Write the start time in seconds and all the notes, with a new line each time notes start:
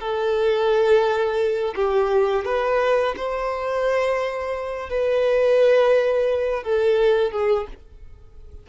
0.00 A4
1.76 G4
2.45 B4
3.16 C5
4.90 B4
6.63 A4
7.32 G#4